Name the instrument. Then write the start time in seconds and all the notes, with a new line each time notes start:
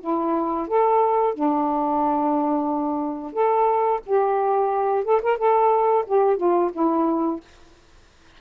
saxophone
0.00 E4
0.67 A4
1.34 D4
3.33 A4
4.06 G4
5.04 A4
5.22 A#4
5.37 A4
6.06 G4
6.36 F4
6.73 E4